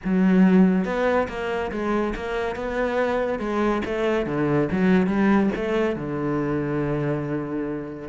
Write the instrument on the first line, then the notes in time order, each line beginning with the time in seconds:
cello
0.04 F#3
0.85 B3
1.28 A#3
1.71 G#3
2.15 A#3
2.55 B3
3.39 G#3
3.85 A3
4.26 D3
4.71 F#3
5.07 G3
5.55 A3
5.96 D3